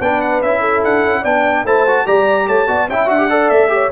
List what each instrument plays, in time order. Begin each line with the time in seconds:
0.00 tuba B3, trombone D4, horn B4, trumpet G5
0.21 trumpet F#5
0.42 tuba C#4, trombone E4, trumpet E5
0.60 horn A4
0.84 tuba D4, trumpet F#5
1.04 tuba C#4
1.20 tuba B3, trombone D4, horn D5, trumpet G5
1.65 tuba A3, trombone E4, horn C5, trumpet A5
1.87 trombone F#4
2.06 tuba G3, trombone G4, horn D5, trumpet A#5
2.47 tuba A3, horn C#5, trumpet A5
2.67 tuba B3, trombone F#4, horn D5
2.88 tuba C#4, trombone E4, horn E5, trumpet G5
3.06 tuba D4, trombone F#4, trumpet F#5
3.17 trombone G4
3.29 trombone A4, horn D5
3.49 tuba A3, trumpet E5
3.68 trombone G4, horn C#5